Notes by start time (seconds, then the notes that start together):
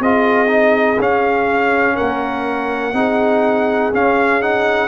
0.00 C4 F4 G#4 D#5
0.47 D#4
0.99 C#4 F5
1.96 A#3 A#4 F#5
2.94 C4 D#4 G#4
3.94 C#4 F5
4.42 D#4 F#5